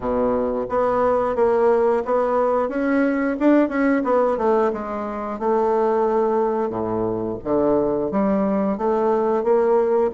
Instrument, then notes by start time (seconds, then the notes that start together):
bassoon
0.00 B2
0.69 B3
1.35 A#3
2.05 B3
2.68 C#4
3.39 D4
3.68 C#4
4.04 B3
4.37 A3
4.72 G#3
5.39 A3
6.69 A2
7.43 D3
8.11 G3
8.77 A3
9.43 A#3